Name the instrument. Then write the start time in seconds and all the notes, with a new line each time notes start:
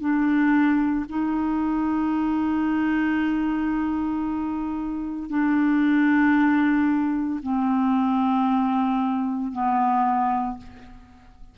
clarinet
0.00 D4
1.09 D#4
5.29 D4
7.42 C4
9.52 B3